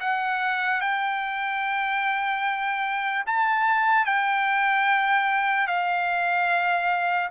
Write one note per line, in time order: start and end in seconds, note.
0.00 0.81 F#5
0.81 3.24 G5
3.27 4.06 A5
4.06 5.67 G5
5.67 7.29 F5